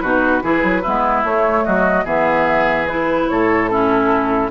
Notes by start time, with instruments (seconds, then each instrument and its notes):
0.00 bassoon B2, clarinet D#4, oboe F#4, flute B4
0.41 bassoon E3, clarinet E4, oboe G#4
0.63 bassoon F#3
0.82 bassoon G#3, clarinet B3, oboe E4
1.23 bassoon A3, clarinet A3, flute C#5
1.65 bassoon F#3, oboe F#4, flute D#5
2.04 bassoon E3, clarinet B3, oboe G#4, flute E5
2.87 clarinet E4, flute B4
3.28 bassoon A2, oboe A4, flute C#5
3.68 clarinet C#4, oboe E4, flute A4